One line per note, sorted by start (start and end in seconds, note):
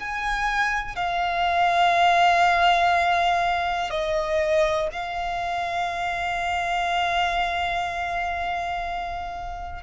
0.00 0.96 G#5
0.96 3.90 F5
3.90 4.89 D#5
4.92 9.83 F5